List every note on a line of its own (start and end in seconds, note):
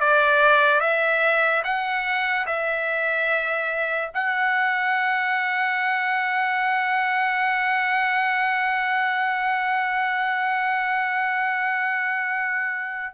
0.00 0.81 D5
0.81 1.63 E5
1.64 2.46 F#5
2.47 4.11 E5
4.14 13.14 F#5